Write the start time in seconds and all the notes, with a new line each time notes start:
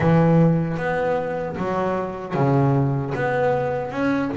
0.00 E3
0.77 B3
1.56 F#3
2.34 C#3
3.14 B3
3.91 C#4